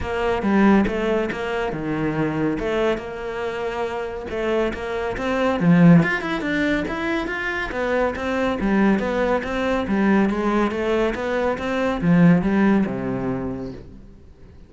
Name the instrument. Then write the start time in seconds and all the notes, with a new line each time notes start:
cello
0.00 A#3
0.42 G3
0.87 A3
1.31 A#3
1.72 D#3
2.59 A3
2.97 A#3
4.30 A3
4.73 A#3
5.17 C4
5.60 F3
6.02 F4
6.21 E4
6.41 D4
6.87 E4
7.27 F4
7.71 B3
8.15 C4
8.60 G3
8.99 B3
9.43 C4
9.87 G3
10.29 G#3
10.71 A3
11.14 B3
11.58 C4
12.01 F3
12.41 G3
12.86 C3